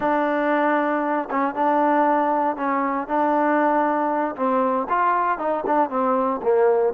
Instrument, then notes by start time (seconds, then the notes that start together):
trombone
0.00 D4
1.30 C#4
1.55 D4
2.56 C#4
3.07 D4
4.35 C4
4.89 F4
5.38 D#4
5.66 D4
5.89 C4
6.42 A#3